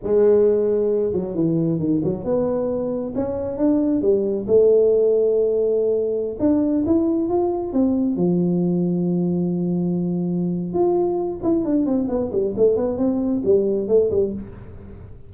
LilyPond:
\new Staff \with { instrumentName = "tuba" } { \time 4/4 \tempo 4 = 134 gis2~ gis8 fis8 e4 | dis8 fis8 b2 cis'4 | d'4 g4 a2~ | a2~ a16 d'4 e'8.~ |
e'16 f'4 c'4 f4.~ f16~ | f1 | f'4. e'8 d'8 c'8 b8 g8 | a8 b8 c'4 g4 a8 g8 | }